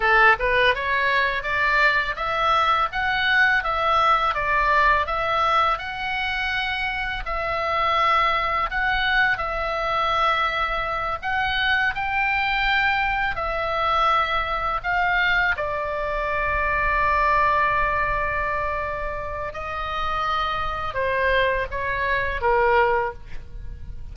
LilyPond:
\new Staff \with { instrumentName = "oboe" } { \time 4/4 \tempo 4 = 83 a'8 b'8 cis''4 d''4 e''4 | fis''4 e''4 d''4 e''4 | fis''2 e''2 | fis''4 e''2~ e''8 fis''8~ |
fis''8 g''2 e''4.~ | e''8 f''4 d''2~ d''8~ | d''2. dis''4~ | dis''4 c''4 cis''4 ais'4 | }